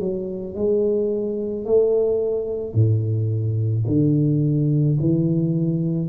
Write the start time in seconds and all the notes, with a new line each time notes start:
0.00 F#3
0.55 G#3
1.66 A3
2.74 A2
3.87 D3
5.00 E3